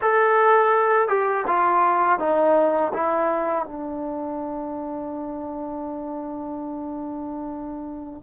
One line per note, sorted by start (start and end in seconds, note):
0.01 1.08 A4
1.08 1.45 G4
1.47 2.19 F4
2.19 2.92 D#4
2.93 3.66 E4
3.66 8.23 D4